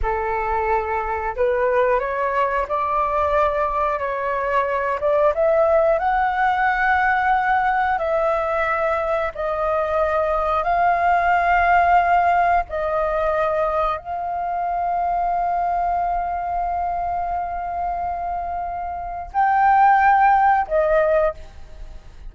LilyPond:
\new Staff \with { instrumentName = "flute" } { \time 4/4 \tempo 4 = 90 a'2 b'4 cis''4 | d''2 cis''4. d''8 | e''4 fis''2. | e''2 dis''2 |
f''2. dis''4~ | dis''4 f''2.~ | f''1~ | f''4 g''2 dis''4 | }